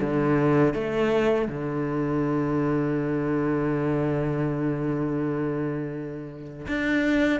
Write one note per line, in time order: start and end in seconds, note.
0.00 0.74 D3
0.74 1.48 A3
1.48 6.66 D3
6.67 7.40 D4